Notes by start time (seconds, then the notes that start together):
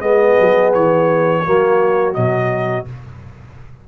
0.00 G#3 B3 G#4 D#5
0.39 F#3
0.73 E3 C#5
1.44 F#3 A#3 F#4
2.14 B2 F#3 D#5